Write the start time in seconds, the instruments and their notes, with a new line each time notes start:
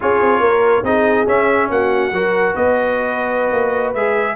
0.00 tuba C#4, trombone F4, horn G#4, trumpet C#5
0.21 tuba C4
0.40 tuba A#3, horn A#4
0.82 tuba C4, trombone D#4, horn G#4, trumpet D#5
1.26 trombone C#4, tuba C#4, trumpet E5
1.69 tuba A#3, horn F#4, trumpet F#5
2.12 tuba F#3, trombone F#4, horn A#4
2.54 tuba B3, horn B4, trumpet D#5
3.52 tuba A#3
3.94 tuba G#3, trombone G#4, trumpet E5